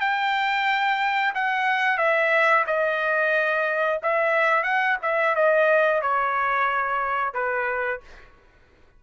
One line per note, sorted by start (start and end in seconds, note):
0.00 1.33 G5
1.35 1.98 F#5
1.98 2.65 E5
2.67 4.00 D#5
4.02 4.63 E5
4.63 4.97 F#5
5.02 5.35 E5
5.35 6.02 D#5
6.02 7.34 C#5
7.34 8.01 B4